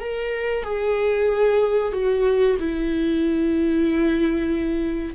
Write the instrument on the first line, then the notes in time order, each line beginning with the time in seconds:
viola
0.00 A#4
0.63 G#4
1.92 F#4
2.59 E4